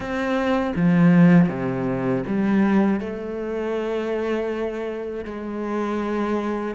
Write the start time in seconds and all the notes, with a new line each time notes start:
0.00 C4
0.75 F3
1.48 C3
2.26 G3
3.00 A3
5.24 G#3